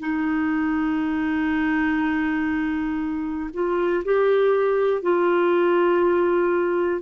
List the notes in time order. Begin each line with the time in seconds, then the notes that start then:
0.00 D#4
3.54 F4
4.05 G4
5.02 F4